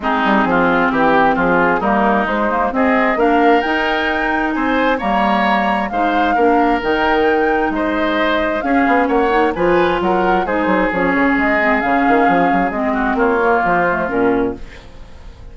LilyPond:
<<
  \new Staff \with { instrumentName = "flute" } { \time 4/4 \tempo 4 = 132 gis'2 g'4 gis'4 | ais'4 c''4 dis''4 f''4 | g''2 gis''4 ais''4~ | ais''4 f''2 g''4~ |
g''4 dis''2 f''4 | fis''4 gis''4 fis''4 c''4 | cis''4 dis''4 f''2 | dis''4 cis''4 c''4 ais'4 | }
  \new Staff \with { instrumentName = "oboe" } { \time 4/4 dis'4 f'4 g'4 f'4 | dis'2 gis'4 ais'4~ | ais'2 c''4 cis''4~ | cis''4 c''4 ais'2~ |
ais'4 c''2 gis'4 | cis''4 b'4 ais'4 gis'4~ | gis'1~ | gis'8 fis'8 f'2. | }
  \new Staff \with { instrumentName = "clarinet" } { \time 4/4 c'1 | ais4 gis8 ais8 c'4 d'4 | dis'2. ais4~ | ais4 dis'4 d'4 dis'4~ |
dis'2. cis'4~ | cis'8 dis'8 f'2 dis'4 | cis'4. c'8 cis'2 | c'4. ais4 a8 cis'4 | }
  \new Staff \with { instrumentName = "bassoon" } { \time 4/4 gis8 g8 f4 e4 f4 | g4 gis4 c'4 ais4 | dis'2 c'4 g4~ | g4 gis4 ais4 dis4~ |
dis4 gis2 cis'8 b8 | ais4 f4 fis4 gis8 fis8 | f8 cis8 gis4 cis8 dis8 f8 fis8 | gis4 ais4 f4 ais,4 | }
>>